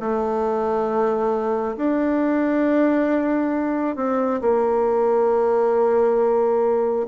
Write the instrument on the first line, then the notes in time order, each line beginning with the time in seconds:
bassoon
0.00 A3
1.77 D4
3.96 C4
4.41 A#3